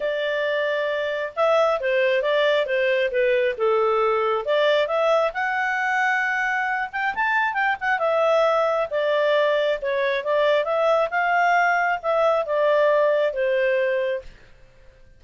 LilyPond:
\new Staff \with { instrumentName = "clarinet" } { \time 4/4 \tempo 4 = 135 d''2. e''4 | c''4 d''4 c''4 b'4 | a'2 d''4 e''4 | fis''2.~ fis''8 g''8 |
a''4 g''8 fis''8 e''2 | d''2 cis''4 d''4 | e''4 f''2 e''4 | d''2 c''2 | }